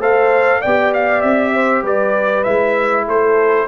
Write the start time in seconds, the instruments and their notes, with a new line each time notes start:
0.00 tuba A3, trombone A4, horn C5, trumpet F5
0.61 tuba B3, trombone G4, horn D5, trumpet G5
0.94 trumpet F5
1.22 tuba C4, trumpet E5
1.54 horn C5
1.83 tuba G3, horn B4, trumpet D5
2.44 tuba G#3, trombone E4, trumpet E5
3.07 tuba A3, horn A4, trumpet C5